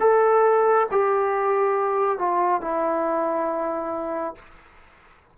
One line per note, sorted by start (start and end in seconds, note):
0.00 0.87 A4
0.91 2.19 G4
2.19 2.61 F4
2.61 4.35 E4